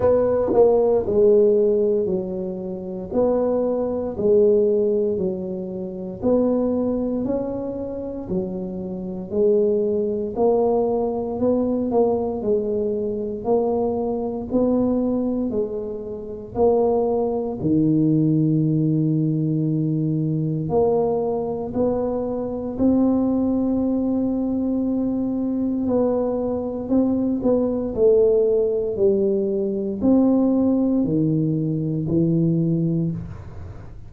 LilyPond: \new Staff \with { instrumentName = "tuba" } { \time 4/4 \tempo 4 = 58 b8 ais8 gis4 fis4 b4 | gis4 fis4 b4 cis'4 | fis4 gis4 ais4 b8 ais8 | gis4 ais4 b4 gis4 |
ais4 dis2. | ais4 b4 c'2~ | c'4 b4 c'8 b8 a4 | g4 c'4 dis4 e4 | }